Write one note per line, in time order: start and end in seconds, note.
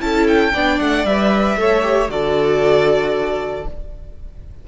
0.00 0.53 C#4
0.00 0.52 E4
0.00 0.53 A4
0.00 0.27 A5
0.27 0.79 G5
0.53 0.80 B3
0.53 1.07 D4
0.53 1.58 D5
0.79 1.05 A3
0.79 1.05 F#5
1.05 1.56 G3
1.05 1.57 B4
1.05 2.10 E5
1.56 2.08 A3
1.56 1.82 A4
1.56 2.11 C#5
1.82 2.08 G4
2.08 3.65 D3
2.08 3.66 F#4
2.08 3.67 A4
2.08 3.66 D5